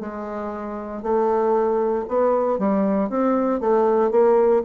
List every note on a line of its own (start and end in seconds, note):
0.00 1.02 G#3
1.02 2.05 A3
2.08 2.58 B3
2.58 3.09 G3
3.09 3.60 C4
3.60 4.11 A3
4.11 4.62 A#3